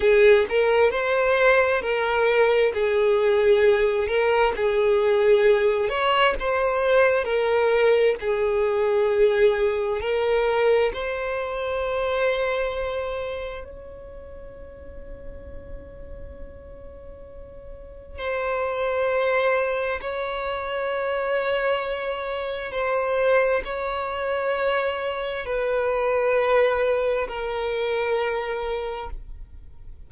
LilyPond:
\new Staff \with { instrumentName = "violin" } { \time 4/4 \tempo 4 = 66 gis'8 ais'8 c''4 ais'4 gis'4~ | gis'8 ais'8 gis'4. cis''8 c''4 | ais'4 gis'2 ais'4 | c''2. cis''4~ |
cis''1 | c''2 cis''2~ | cis''4 c''4 cis''2 | b'2 ais'2 | }